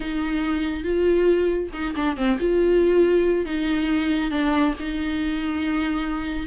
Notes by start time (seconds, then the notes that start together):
0.00 D#4
0.83 F4
1.73 D#4
1.95 D4
2.16 C4
2.39 F4
3.45 D#4
4.30 D4
4.79 D#4